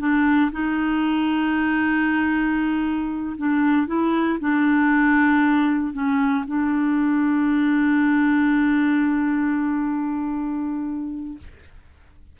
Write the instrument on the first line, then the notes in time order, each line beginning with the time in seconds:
clarinet
0.00 D4
0.52 D#4
3.38 D4
3.88 E4
4.40 D4
5.93 C#4
6.48 D4